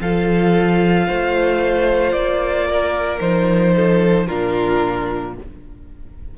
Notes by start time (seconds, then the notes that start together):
0.00 F3 F4 A4 F5
1.07 A3 C5
2.12 A#3 D5
2.67 A#4
3.20 F3 D#4 C5
3.76 A4
4.27 A#2 D4 F4 A#4